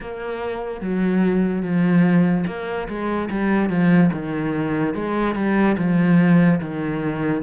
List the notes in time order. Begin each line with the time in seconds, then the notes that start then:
0.00 A#3
0.80 F#3
1.62 F3
2.47 A#3
2.88 G#3
3.30 G3
3.69 F3
4.12 D#3
4.94 G#3
5.35 G3
5.77 F3
6.60 D#3